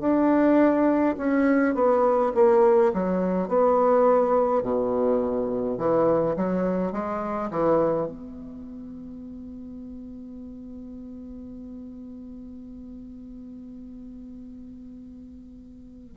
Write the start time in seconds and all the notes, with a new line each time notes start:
0.00 D4
1.17 C#4
1.75 B3
2.34 A#3
2.93 F#3
3.48 B3
4.63 B2
5.77 E3
6.36 F#3
6.92 G#3
7.51 E3
8.06 B3